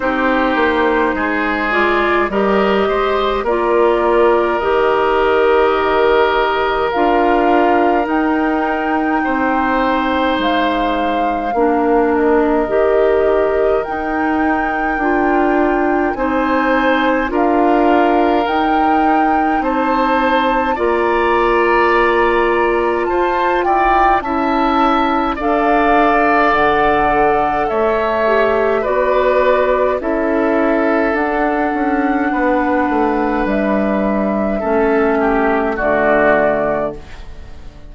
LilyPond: <<
  \new Staff \with { instrumentName = "flute" } { \time 4/4 \tempo 4 = 52 c''4. d''8 dis''4 d''4 | dis''2 f''4 g''4~ | g''4 f''4. dis''4. | g''2 gis''4 f''4 |
g''4 a''4 ais''2 | a''8 g''8 a''4 f''4 fis''4 | e''4 d''4 e''4 fis''4~ | fis''4 e''2 d''4 | }
  \new Staff \with { instrumentName = "oboe" } { \time 4/4 g'4 gis'4 ais'8 c''8 ais'4~ | ais'1 | c''2 ais'2~ | ais'2 c''4 ais'4~ |
ais'4 c''4 d''2 | c''8 d''8 e''4 d''2 | cis''4 b'4 a'2 | b'2 a'8 g'8 fis'4 | }
  \new Staff \with { instrumentName = "clarinet" } { \time 4/4 dis'4. f'8 g'4 f'4 | g'2 f'4 dis'4~ | dis'2 d'4 g'4 | dis'4 f'4 dis'4 f'4 |
dis'2 f'2~ | f'4 e'4 a'2~ | a'8 g'8 fis'4 e'4 d'4~ | d'2 cis'4 a4 | }
  \new Staff \with { instrumentName = "bassoon" } { \time 4/4 c'8 ais8 gis4 g8 gis8 ais4 | dis2 d'4 dis'4 | c'4 gis4 ais4 dis4 | dis'4 d'4 c'4 d'4 |
dis'4 c'4 ais2 | f'8 e'8 cis'4 d'4 d4 | a4 b4 cis'4 d'8 cis'8 | b8 a8 g4 a4 d4 | }
>>